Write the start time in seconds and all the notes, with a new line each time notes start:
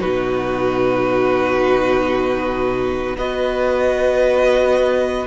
0.00 B2 D#4 F#4 B4
3.16 B3 F#4 B4 D#5